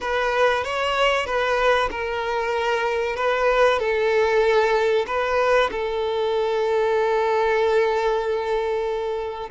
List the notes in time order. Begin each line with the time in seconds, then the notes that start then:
0.00 B4
0.63 C#5
1.25 B4
1.91 A#4
3.16 B4
3.79 A4
5.06 B4
5.71 A4